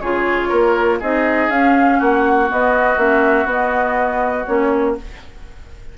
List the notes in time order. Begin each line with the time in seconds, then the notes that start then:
0.00 C#3 F4 G#4 C#5
0.49 A#3 A#4
1.00 C4 D#4 G#4 D#5
1.49 C#4 F5
1.99 A#3 F#4 F#5
2.48 B3 D#5
2.97 A#3 C#4 E5
3.45 B3 D#5
4.46 A#3 C#4 C#5